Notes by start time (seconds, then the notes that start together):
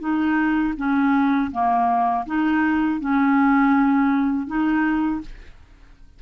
0.00 D#4
0.77 C#4
1.52 A#3
2.26 D#4
3.00 C#4
4.47 D#4